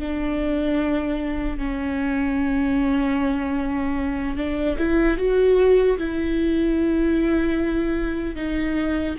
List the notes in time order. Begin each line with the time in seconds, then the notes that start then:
0.00 D4
1.59 C#4
4.37 D4
4.78 E4
5.18 F#4
5.98 E4
8.36 D#4